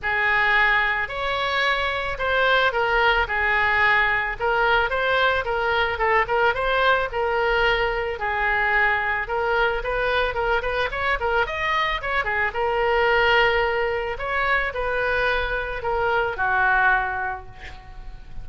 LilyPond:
\new Staff \with { instrumentName = "oboe" } { \time 4/4 \tempo 4 = 110 gis'2 cis''2 | c''4 ais'4 gis'2 | ais'4 c''4 ais'4 a'8 ais'8 | c''4 ais'2 gis'4~ |
gis'4 ais'4 b'4 ais'8 b'8 | cis''8 ais'8 dis''4 cis''8 gis'8 ais'4~ | ais'2 cis''4 b'4~ | b'4 ais'4 fis'2 | }